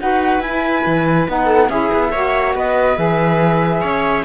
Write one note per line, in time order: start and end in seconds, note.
0.00 0.40 D#4
0.00 0.43 F#4
0.00 1.46 B4
0.00 0.41 F#5
0.40 0.83 E4
0.40 1.28 E4
0.40 1.27 G#5
0.86 1.28 E3
1.28 1.69 B3
1.28 1.71 D#4
1.28 1.69 F#5
1.46 1.67 A4
1.69 1.90 C#4
1.69 2.13 E4
1.69 2.12 G#4
1.69 2.54 E5
1.94 2.13 B3
2.12 2.55 A#3
2.12 2.96 F#4
2.12 2.54 C#5
2.55 2.97 B3
2.55 3.81 B4
2.55 2.97 D#5
2.96 3.83 E3
2.96 4.24 G#4
2.96 4.25 E5
3.81 4.25 C#4
3.81 4.24 C#5